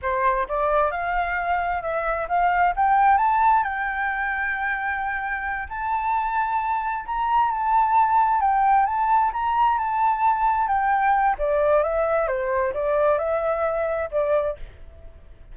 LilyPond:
\new Staff \with { instrumentName = "flute" } { \time 4/4 \tempo 4 = 132 c''4 d''4 f''2 | e''4 f''4 g''4 a''4 | g''1~ | g''8 a''2. ais''8~ |
ais''8 a''2 g''4 a''8~ | a''8 ais''4 a''2 g''8~ | g''4 d''4 e''4 c''4 | d''4 e''2 d''4 | }